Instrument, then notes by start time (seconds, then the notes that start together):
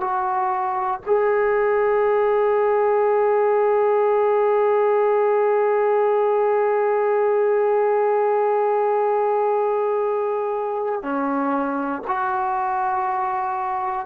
trombone
0.00 F#4
1.05 G#4
11.02 C#4
12.07 F#4